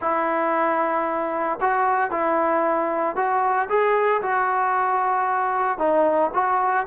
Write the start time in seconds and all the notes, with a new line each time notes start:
0.01 E4
1.60 F#4
2.11 E4
3.16 F#4
3.69 G#4
4.22 F#4
5.78 D#4
6.33 F#4